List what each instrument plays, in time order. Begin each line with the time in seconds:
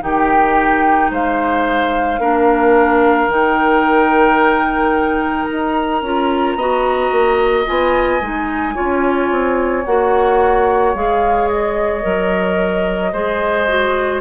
0.00 bassoon D#3, clarinet D#4, oboe G4, flute G5
1.10 bassoon G#3, oboe C5, flute F5
2.18 bassoon A#3, clarinet D4, oboe A#4
3.27 bassoon D#3, clarinet D#4, flute G5
5.45 flute A#5
5.52 bassoon D#4
6.01 bassoon C#4, clarinet F4
6.55 bassoon B3, clarinet F#4, oboe D#5
7.11 bassoon A#3
7.65 bassoon B3, clarinet F4, flute G#5
8.21 bassoon G#3, clarinet D#4
8.74 bassoon C#4, clarinet F4, oboe C#5
9.31 bassoon C4
9.85 bassoon A#3, clarinet F#4, flute F#5
10.94 bassoon G#3, clarinet G#4, flute F5
11.48 flute D#5
12.02 bassoon F#3, clarinet A#4
13.12 bassoon G#3, clarinet G#4, oboe C5
13.67 clarinet F#4